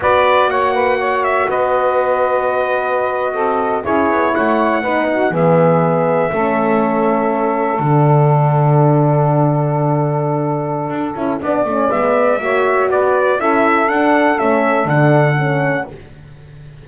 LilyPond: <<
  \new Staff \with { instrumentName = "trumpet" } { \time 4/4 \tempo 4 = 121 d''4 fis''4. e''8 dis''4~ | dis''2.~ dis''8. cis''16~ | cis''8. fis''2 e''4~ e''16~ | e''2.~ e''8. fis''16~ |
fis''1~ | fis''1 | e''2 d''4 e''4 | fis''4 e''4 fis''2 | }
  \new Staff \with { instrumentName = "saxophone" } { \time 4/4 b'4 cis''8 b'8 cis''4 b'4~ | b'2~ b'8. a'4 gis'16~ | gis'8. cis''4 b'8 fis'8 gis'4~ gis'16~ | gis'8. a'2.~ a'16~ |
a'1~ | a'2. d''4~ | d''4 cis''4 b'4 a'4~ | a'1 | }
  \new Staff \with { instrumentName = "horn" } { \time 4/4 fis'1~ | fis'2.~ fis'8. e'16~ | e'4.~ e'16 dis'4 b4~ b16~ | b8. cis'2. d'16~ |
d'1~ | d'2~ d'8 e'8 d'8 cis'8 | b4 fis'2 e'4 | d'4 cis'4 d'4 cis'4 | }
  \new Staff \with { instrumentName = "double bass" } { \time 4/4 b4 ais2 b4~ | b2~ b8. c'4 cis'16~ | cis'16 b8 a4 b4 e4~ e16~ | e8. a2. d16~ |
d1~ | d2 d'8 cis'8 b8 a8 | gis4 ais4 b4 cis'4 | d'4 a4 d2 | }
>>